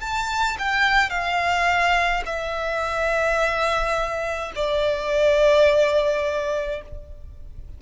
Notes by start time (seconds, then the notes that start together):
0.00 A5
0.58 G5
1.10 F5
2.25 E5
4.55 D5